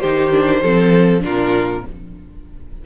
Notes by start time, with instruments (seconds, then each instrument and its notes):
0.00 cello D#3, viola D#4, violin G4 C5
0.32 viola D4
0.62 cello F3, viola C4, violin A4
1.20 cello A#2, viola D4, violin F4 A#4